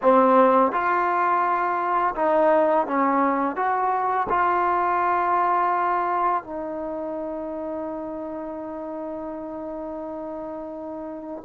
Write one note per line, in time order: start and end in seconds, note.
0.02 0.71 C4
0.71 2.14 F4
2.15 2.86 D#4
2.86 3.56 C#4
3.56 4.27 F#4
4.29 6.43 F4
6.43 11.43 D#4